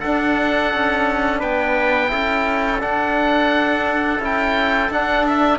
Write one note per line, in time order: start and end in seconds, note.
0.00 2.08 D4
0.00 0.73 D4
0.00 1.39 A4
0.00 1.40 F#5
0.73 1.43 C#4
1.39 2.12 B3
1.39 2.09 B4
1.39 2.81 G5
2.08 2.82 C#4
2.08 2.78 E4
2.08 5.59 A4
2.80 4.20 D4
2.80 4.21 F#5
4.20 4.89 C#4
4.20 4.91 E4
4.20 4.92 G5
4.90 5.59 D4
4.90 5.26 F#5
5.26 5.59 E5